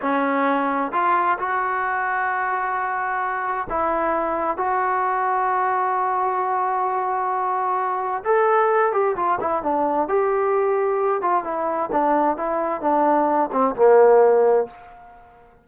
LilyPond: \new Staff \with { instrumentName = "trombone" } { \time 4/4 \tempo 4 = 131 cis'2 f'4 fis'4~ | fis'1 | e'2 fis'2~ | fis'1~ |
fis'2 a'4. g'8 | f'8 e'8 d'4 g'2~ | g'8 f'8 e'4 d'4 e'4 | d'4. c'8 ais2 | }